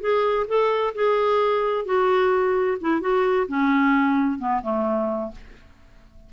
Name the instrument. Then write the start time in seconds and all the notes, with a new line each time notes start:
clarinet
0.00 G#4
0.47 A4
0.95 G#4
1.85 F#4
2.80 E4
3.00 F#4
3.48 C#4
4.38 B3
4.62 A3